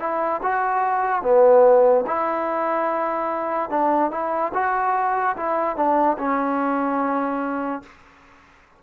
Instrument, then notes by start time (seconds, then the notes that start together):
trombone
0.00 E4
0.43 F#4
1.22 B3
2.07 E4
3.70 D4
4.11 E4
4.54 F#4
5.36 E4
5.76 D4
6.18 C#4